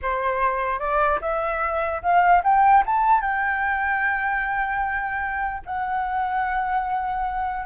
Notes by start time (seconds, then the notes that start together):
0.01 C5
0.79 D5
1.21 E5
2.02 F5
2.43 G5
2.85 A5
3.21 G5
5.65 F#5